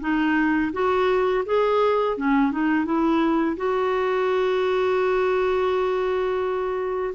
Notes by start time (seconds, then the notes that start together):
0.00 D#4
0.73 F#4
1.45 G#4
2.17 C#4
2.51 D#4
2.85 E4
3.56 F#4